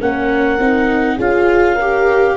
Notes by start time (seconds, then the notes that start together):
0.00 A#3 C#4 A#4 F#5
0.59 C4 D#4
1.16 C#4 F4 G#4 F5
1.75 G4 A#4